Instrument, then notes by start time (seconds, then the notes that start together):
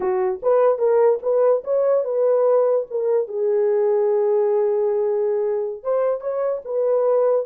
horn
0.00 F#4
0.42 B4
0.78 A#4
1.22 B4
1.64 C#5
2.04 B4
2.90 A#4
3.28 G#4
5.83 C5
6.20 C#5
6.64 B4